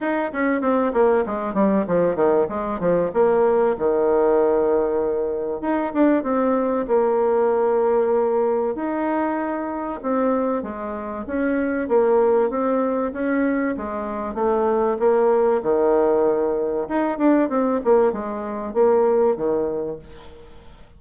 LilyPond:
\new Staff \with { instrumentName = "bassoon" } { \time 4/4 \tempo 4 = 96 dis'8 cis'8 c'8 ais8 gis8 g8 f8 dis8 | gis8 f8 ais4 dis2~ | dis4 dis'8 d'8 c'4 ais4~ | ais2 dis'2 |
c'4 gis4 cis'4 ais4 | c'4 cis'4 gis4 a4 | ais4 dis2 dis'8 d'8 | c'8 ais8 gis4 ais4 dis4 | }